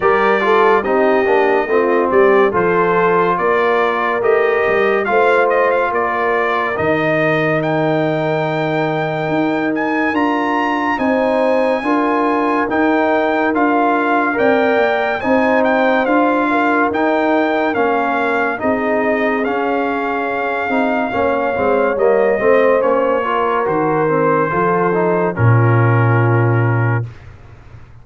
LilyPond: <<
  \new Staff \with { instrumentName = "trumpet" } { \time 4/4 \tempo 4 = 71 d''4 dis''4. d''8 c''4 | d''4 dis''4 f''8 dis''16 f''16 d''4 | dis''4 g''2~ g''8 gis''8 | ais''4 gis''2 g''4 |
f''4 g''4 gis''8 g''8 f''4 | g''4 f''4 dis''4 f''4~ | f''2 dis''4 cis''4 | c''2 ais'2 | }
  \new Staff \with { instrumentName = "horn" } { \time 4/4 ais'8 a'8 g'4 f'8 g'8 a'4 | ais'2 c''4 ais'4~ | ais'1~ | ais'4 c''4 ais'2~ |
ais'4 d''4 c''4. ais'8~ | ais'2 gis'2~ | gis'4 cis''4. c''4 ais'8~ | ais'4 a'4 f'2 | }
  \new Staff \with { instrumentName = "trombone" } { \time 4/4 g'8 f'8 dis'8 d'8 c'4 f'4~ | f'4 g'4 f'2 | dis'1 | f'4 dis'4 f'4 dis'4 |
f'4 ais'4 dis'4 f'4 | dis'4 cis'4 dis'4 cis'4~ | cis'8 dis'8 cis'8 c'8 ais8 c'8 cis'8 f'8 | fis'8 c'8 f'8 dis'8 cis'2 | }
  \new Staff \with { instrumentName = "tuba" } { \time 4/4 g4 c'8 ais8 a8 g8 f4 | ais4 a8 g8 a4 ais4 | dis2. dis'4 | d'4 c'4 d'4 dis'4 |
d'4 c'8 ais8 c'4 d'4 | dis'4 ais4 c'4 cis'4~ | cis'8 c'8 ais8 gis8 g8 a8 ais4 | dis4 f4 ais,2 | }
>>